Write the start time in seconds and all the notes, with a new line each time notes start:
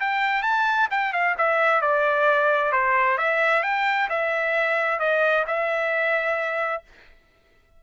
0.00 G5
0.42 A5
0.90 G5
1.12 F5
1.38 E5
1.81 D5
2.72 C5
3.18 E5
3.63 G5
4.09 E5
4.99 D#5
5.46 E5